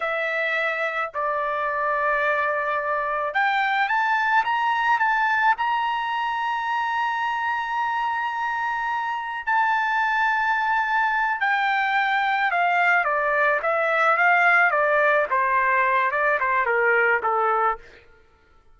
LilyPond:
\new Staff \with { instrumentName = "trumpet" } { \time 4/4 \tempo 4 = 108 e''2 d''2~ | d''2 g''4 a''4 | ais''4 a''4 ais''2~ | ais''1~ |
ais''4 a''2.~ | a''8 g''2 f''4 d''8~ | d''8 e''4 f''4 d''4 c''8~ | c''4 d''8 c''8 ais'4 a'4 | }